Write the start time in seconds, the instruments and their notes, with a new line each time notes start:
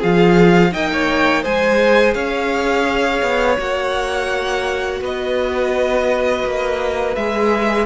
0.00 cello F3, viola F4, violin G#4 F5
0.72 cello A#3, viola D#4, violin D#5 G5
0.93 violin C#5
1.43 cello G#3, viola G#4, violin C5 G#5
2.14 cello C#4, violin C#5 F5
3.23 cello B3
3.59 cello A#3, viola F#4, violin F#5
5.01 cello B3, violin B4 D#5
6.46 cello A#3
7.16 cello G#3, viola G#4, violin E5